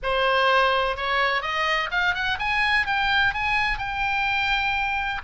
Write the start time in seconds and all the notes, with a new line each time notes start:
0.02 C5
0.96 C#5
1.42 D#5
1.91 F5
2.14 F#5
2.39 G#5
2.86 G5
3.34 G#5
3.78 G5